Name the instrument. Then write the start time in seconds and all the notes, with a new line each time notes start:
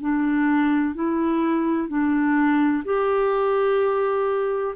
clarinet
0.00 D4
0.94 E4
1.88 D4
2.84 G4